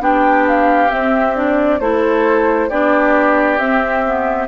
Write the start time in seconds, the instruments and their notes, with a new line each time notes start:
0.00 bassoon B3, clarinet D4, oboe G4, flute G5
0.48 flute F5
0.89 clarinet C4, bassoon C4, flute E5
1.35 clarinet D4, flute D5
1.80 bassoon A3, clarinet E4, oboe A4, flute C5
2.69 bassoon B3, clarinet D4, oboe G4, flute D5
3.58 bassoon C4, clarinet C4, flute E5
4.06 clarinet B3